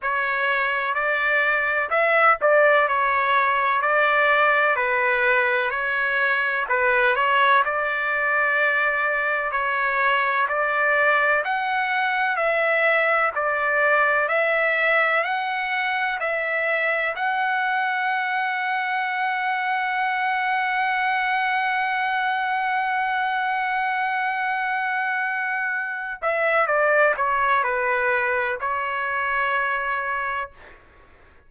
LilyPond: \new Staff \with { instrumentName = "trumpet" } { \time 4/4 \tempo 4 = 63 cis''4 d''4 e''8 d''8 cis''4 | d''4 b'4 cis''4 b'8 cis''8 | d''2 cis''4 d''4 | fis''4 e''4 d''4 e''4 |
fis''4 e''4 fis''2~ | fis''1~ | fis''2.~ fis''8 e''8 | d''8 cis''8 b'4 cis''2 | }